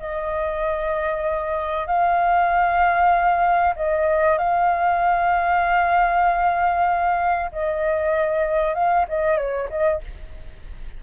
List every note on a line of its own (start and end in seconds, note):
0.00 1.87 D#5
1.87 3.75 F5
3.76 4.39 D#5
4.39 7.51 F5
7.53 8.75 D#5
8.75 9.06 F5
9.09 9.38 D#5
9.38 9.69 C#5
9.70 10.01 D#5